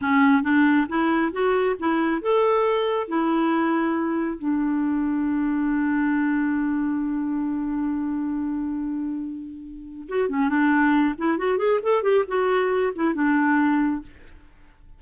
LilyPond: \new Staff \with { instrumentName = "clarinet" } { \time 4/4 \tempo 4 = 137 cis'4 d'4 e'4 fis'4 | e'4 a'2 e'4~ | e'2 d'2~ | d'1~ |
d'1~ | d'2. fis'8 cis'8 | d'4. e'8 fis'8 gis'8 a'8 g'8 | fis'4. e'8 d'2 | }